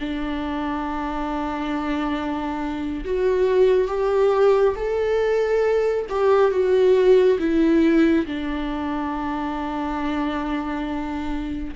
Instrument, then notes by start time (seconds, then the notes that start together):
viola
0.00 D4
3.05 F#4
3.88 G4
4.76 A4
6.09 G4
6.51 F#4
7.39 E4
8.26 D4